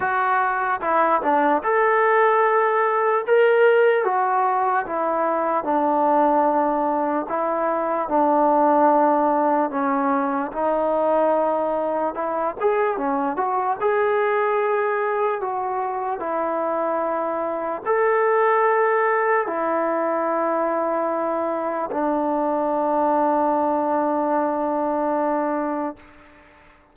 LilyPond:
\new Staff \with { instrumentName = "trombone" } { \time 4/4 \tempo 4 = 74 fis'4 e'8 d'8 a'2 | ais'4 fis'4 e'4 d'4~ | d'4 e'4 d'2 | cis'4 dis'2 e'8 gis'8 |
cis'8 fis'8 gis'2 fis'4 | e'2 a'2 | e'2. d'4~ | d'1 | }